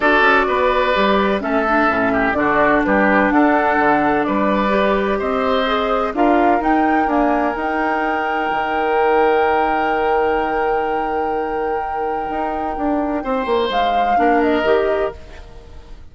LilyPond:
<<
  \new Staff \with { instrumentName = "flute" } { \time 4/4 \tempo 4 = 127 d''2. e''4~ | e''4 d''4 b'4 fis''4~ | fis''4 d''2 dis''4~ | dis''4 f''4 g''4 gis''4 |
g''1~ | g''1~ | g''1~ | g''4 f''4. dis''4. | }
  \new Staff \with { instrumentName = "oboe" } { \time 4/4 a'4 b'2 a'4~ | a'8 g'8 fis'4 g'4 a'4~ | a'4 b'2 c''4~ | c''4 ais'2.~ |
ais'1~ | ais'1~ | ais'1 | c''2 ais'2 | }
  \new Staff \with { instrumentName = "clarinet" } { \time 4/4 fis'2 g'4 cis'8 d'8 | cis'4 d'2.~ | d'2 g'2 | gis'4 f'4 dis'4 ais4 |
dis'1~ | dis'1~ | dis'1~ | dis'2 d'4 g'4 | }
  \new Staff \with { instrumentName = "bassoon" } { \time 4/4 d'8 cis'8 b4 g4 a4 | a,4 d4 g4 d'4 | d4 g2 c'4~ | c'4 d'4 dis'4 d'4 |
dis'2 dis2~ | dis1~ | dis2 dis'4 d'4 | c'8 ais8 gis4 ais4 dis4 | }
>>